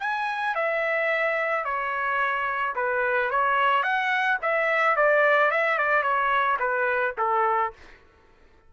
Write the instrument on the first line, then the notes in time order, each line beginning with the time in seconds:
trumpet
0.00 G#5
0.56 E5
1.65 C#5
2.76 B4
3.31 C#5
3.83 F#5
4.42 E5
4.96 D5
5.51 E5
5.78 D5
6.03 C#5
6.60 B4
7.18 A4